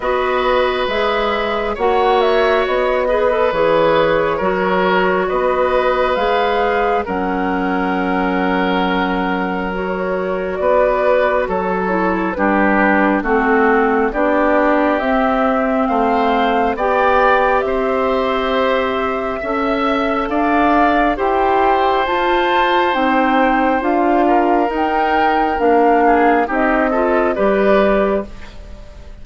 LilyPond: <<
  \new Staff \with { instrumentName = "flute" } { \time 4/4 \tempo 4 = 68 dis''4 e''4 fis''8 e''8 dis''4 | cis''2 dis''4 f''4 | fis''2. cis''4 | d''4 cis''4 b'4 a'4 |
d''4 e''4 f''4 g''4 | e''2. f''4 | g''4 a''4 g''4 f''4 | g''4 f''4 dis''4 d''4 | }
  \new Staff \with { instrumentName = "oboe" } { \time 4/4 b'2 cis''4. b'8~ | b'4 ais'4 b'2 | ais'1 | b'4 a'4 g'4 fis'4 |
g'2 c''4 d''4 | c''2 e''4 d''4 | c''2.~ c''8 ais'8~ | ais'4. gis'8 g'8 a'8 b'4 | }
  \new Staff \with { instrumentName = "clarinet" } { \time 4/4 fis'4 gis'4 fis'4. gis'16 a'16 | gis'4 fis'2 gis'4 | cis'2. fis'4~ | fis'4. e'8 d'4 c'4 |
d'4 c'2 g'4~ | g'2 a'2 | g'4 f'4 dis'4 f'4 | dis'4 d'4 dis'8 f'8 g'4 | }
  \new Staff \with { instrumentName = "bassoon" } { \time 4/4 b4 gis4 ais4 b4 | e4 fis4 b4 gis4 | fis1 | b4 fis4 g4 a4 |
b4 c'4 a4 b4 | c'2 cis'4 d'4 | e'4 f'4 c'4 d'4 | dis'4 ais4 c'4 g4 | }
>>